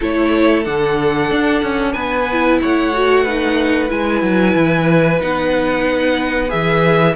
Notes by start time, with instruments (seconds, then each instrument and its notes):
0.00 cello A3, viola E4, violin A4 C#5
0.64 cello D3, viola D4, violin F#5
1.31 cello D4
1.62 cello C#4
1.92 cello B3, violin B4 G#5
2.32 viola E4
2.61 cello A3, violin C#5 F#5
2.93 viola F#4
3.23 viola D#4, violin B4
3.88 cello G#3, viola E4, violin G#5
4.22 cello F#3
4.55 cello E3
5.20 cello B3, viola D#4, violin F#5
6.48 cello E3, viola G#4, violin E5